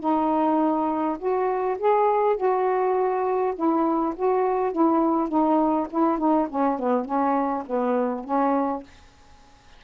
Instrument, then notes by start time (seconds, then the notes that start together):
saxophone
0.00 D#4
1.19 F#4
1.79 G#4
2.37 F#4
3.56 E4
4.16 F#4
4.72 E4
5.29 D#4
5.90 E4
6.18 D#4
6.50 C#4
6.79 B3
7.05 C#4
7.66 B3
8.25 C#4